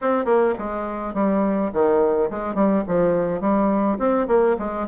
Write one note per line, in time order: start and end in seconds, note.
0.01 0.25 C4
0.25 0.54 A#3
0.58 1.14 G#3
1.14 1.71 G3
1.73 2.30 D#3
2.30 2.55 G#3
2.55 2.83 G3
2.87 3.41 F3
3.41 3.98 G3
3.98 4.27 C4
4.27 4.56 A#3
4.59 4.87 G#3